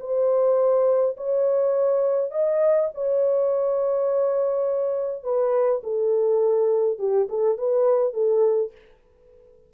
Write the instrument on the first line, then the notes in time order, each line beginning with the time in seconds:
horn
0.00 C5
1.17 C#5
2.31 D#5
2.94 C#5
5.24 B4
5.84 A4
6.99 G4
7.29 A4
7.58 B4
8.14 A4